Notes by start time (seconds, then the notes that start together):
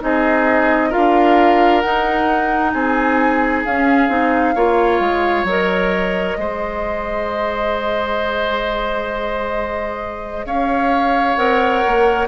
0.00 C4 D#4 G#4 D#5
0.89 F4 A#4 F5
0.96 D4
1.80 D#4 F#5
2.72 C4 G#4 G#5
3.65 C#4 F5
4.08 C4 D#4
4.55 A#3 F4 C#5
4.99 G#3
5.43 F#3 A#4 D#5
6.37 G#3 G#4 C5
10.45 C#4 C#5 F5
11.35 C4 A#4 F#5
11.87 A#3